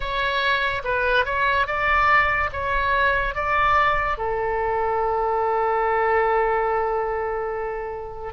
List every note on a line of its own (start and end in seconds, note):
0.00 0.82 C#5
0.84 1.25 B4
1.25 1.66 C#5
1.66 2.50 D5
2.52 3.34 C#5
3.34 4.17 D5
4.17 8.33 A4